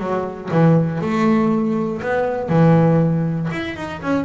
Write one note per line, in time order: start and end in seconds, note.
0.00 0.50 F#3
0.51 1.01 E3
1.01 2.01 A3
2.02 2.49 B3
2.49 3.49 E3
3.52 3.77 E4
3.77 4.02 D#4
4.02 4.25 C#4